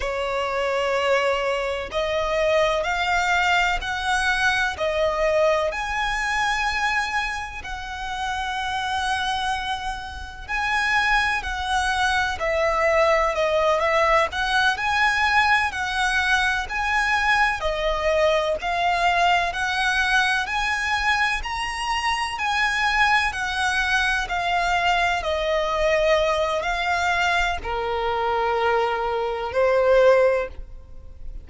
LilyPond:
\new Staff \with { instrumentName = "violin" } { \time 4/4 \tempo 4 = 63 cis''2 dis''4 f''4 | fis''4 dis''4 gis''2 | fis''2. gis''4 | fis''4 e''4 dis''8 e''8 fis''8 gis''8~ |
gis''8 fis''4 gis''4 dis''4 f''8~ | f''8 fis''4 gis''4 ais''4 gis''8~ | gis''8 fis''4 f''4 dis''4. | f''4 ais'2 c''4 | }